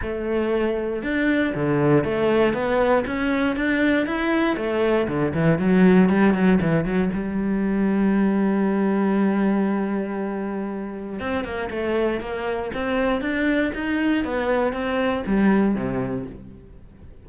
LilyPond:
\new Staff \with { instrumentName = "cello" } { \time 4/4 \tempo 4 = 118 a2 d'4 d4 | a4 b4 cis'4 d'4 | e'4 a4 d8 e8 fis4 | g8 fis8 e8 fis8 g2~ |
g1~ | g2 c'8 ais8 a4 | ais4 c'4 d'4 dis'4 | b4 c'4 g4 c4 | }